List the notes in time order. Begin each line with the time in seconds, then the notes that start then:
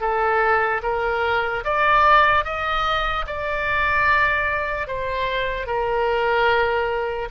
0.00 A4
0.82 A#4
1.64 D5
2.44 D#5
3.26 D5
4.87 C5
5.66 A#4